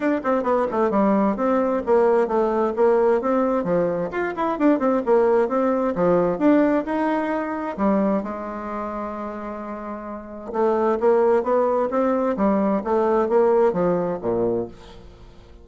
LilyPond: \new Staff \with { instrumentName = "bassoon" } { \time 4/4 \tempo 4 = 131 d'8 c'8 b8 a8 g4 c'4 | ais4 a4 ais4 c'4 | f4 f'8 e'8 d'8 c'8 ais4 | c'4 f4 d'4 dis'4~ |
dis'4 g4 gis2~ | gis2. a4 | ais4 b4 c'4 g4 | a4 ais4 f4 ais,4 | }